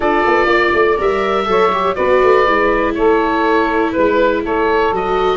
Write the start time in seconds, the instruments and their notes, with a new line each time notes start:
0.00 tuba D4, viola F4, saxophone A4, oboe D5
0.26 tuba B3
0.46 tuba A#3, saxophone D5
0.74 tuba A3
0.97 tuba G3, viola A#4, oboe E5
1.45 tuba F#3, viola A4, saxophone C#5
1.72 viola G4
1.95 tuba B3, viola F#4, saxophone B4, oboe D5
2.23 tuba A3
2.47 tuba G#3, viola E4
2.94 tuba A3, saxophone A4, oboe C#5
3.92 tuba G#3, oboe B4, saxophone B4
4.43 tuba A3, saxophone A4, oboe C#5
4.92 tuba F#3, viola F#4, oboe D#5